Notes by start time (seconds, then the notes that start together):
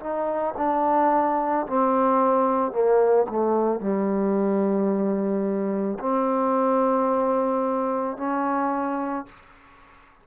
0.00 D#4
0.58 D4
1.67 C4
2.72 A#3
3.29 A3
3.80 G3
6.00 C4
8.17 C#4